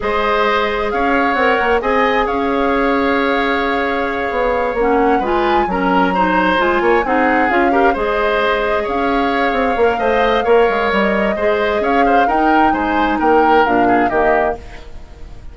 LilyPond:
<<
  \new Staff \with { instrumentName = "flute" } { \time 4/4 \tempo 4 = 132 dis''2 f''4 fis''4 | gis''4 f''2.~ | f''2~ f''8 fis''4 gis''8~ | gis''8 ais''2 gis''4 fis''8~ |
fis''8 f''4 dis''2 f''8~ | f''1 | dis''2 f''4 g''4 | gis''4 g''4 f''4 dis''4 | }
  \new Staff \with { instrumentName = "oboe" } { \time 4/4 c''2 cis''2 | dis''4 cis''2.~ | cis''2.~ cis''8 b'8~ | b'8 ais'4 c''4. cis''8 gis'8~ |
gis'4 ais'8 c''2 cis''8~ | cis''2 dis''4 cis''4~ | cis''4 c''4 cis''8 c''8 ais'4 | c''4 ais'4. gis'8 g'4 | }
  \new Staff \with { instrumentName = "clarinet" } { \time 4/4 gis'2. ais'4 | gis'1~ | gis'2~ gis'8 cis'4 f'8~ | f'8 cis'4 dis'4 f'4 dis'8~ |
dis'8 f'8 g'8 gis'2~ gis'8~ | gis'4. ais'8 c''4 ais'4~ | ais'4 gis'2 dis'4~ | dis'2 d'4 ais4 | }
  \new Staff \with { instrumentName = "bassoon" } { \time 4/4 gis2 cis'4 c'8 ais8 | c'4 cis'2.~ | cis'4. b4 ais4 gis8~ | gis8 fis2 gis8 ais8 c'8~ |
c'8 cis'4 gis2 cis'8~ | cis'4 c'8 ais8 a4 ais8 gis8 | g4 gis4 cis'4 dis'4 | gis4 ais4 ais,4 dis4 | }
>>